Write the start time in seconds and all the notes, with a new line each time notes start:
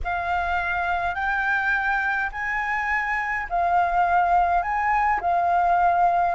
0.03 F5
1.14 G5
2.32 G#5
3.49 F5
4.62 G#5
5.21 F5